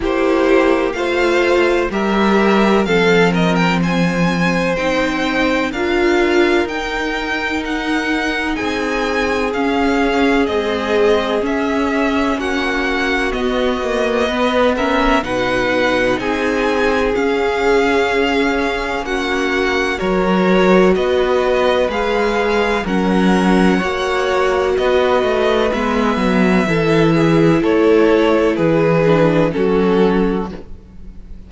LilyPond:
<<
  \new Staff \with { instrumentName = "violin" } { \time 4/4 \tempo 4 = 63 c''4 f''4 e''4 f''8 dis''16 g''16 | gis''4 g''4 f''4 g''4 | fis''4 gis''4 f''4 dis''4 | e''4 fis''4 dis''4. e''8 |
fis''4 gis''4 f''2 | fis''4 cis''4 dis''4 f''4 | fis''2 dis''4 e''4~ | e''4 cis''4 b'4 a'4 | }
  \new Staff \with { instrumentName = "violin" } { \time 4/4 g'4 c''4 ais'4 a'8 ais'8 | c''2 ais'2~ | ais'4 gis'2.~ | gis'4 fis'2 b'8 ais'8 |
b'4 gis'2. | fis'4 ais'4 b'2 | ais'4 cis''4 b'2 | a'8 gis'8 a'4 gis'4 fis'4 | }
  \new Staff \with { instrumentName = "viola" } { \time 4/4 e'4 f'4 g'4 c'4~ | c'4 dis'4 f'4 dis'4~ | dis'2 cis'4 gis4 | cis'2 b8 ais8 b8 cis'8 |
dis'2 cis'2~ | cis'4 fis'2 gis'4 | cis'4 fis'2 b4 | e'2~ e'8 d'8 cis'4 | }
  \new Staff \with { instrumentName = "cello" } { \time 4/4 ais4 a4 g4 f4~ | f4 c'4 d'4 dis'4~ | dis'4 c'4 cis'4 c'4 | cis'4 ais4 b2 |
b,4 c'4 cis'2 | ais4 fis4 b4 gis4 | fis4 ais4 b8 a8 gis8 fis8 | e4 a4 e4 fis4 | }
>>